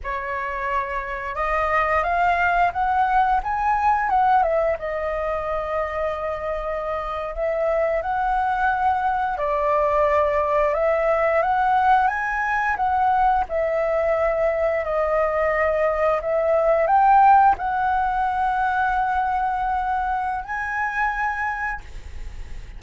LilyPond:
\new Staff \with { instrumentName = "flute" } { \time 4/4 \tempo 4 = 88 cis''2 dis''4 f''4 | fis''4 gis''4 fis''8 e''8 dis''4~ | dis''2~ dis''8. e''4 fis''16~ | fis''4.~ fis''16 d''2 e''16~ |
e''8. fis''4 gis''4 fis''4 e''16~ | e''4.~ e''16 dis''2 e''16~ | e''8. g''4 fis''2~ fis''16~ | fis''2 gis''2 | }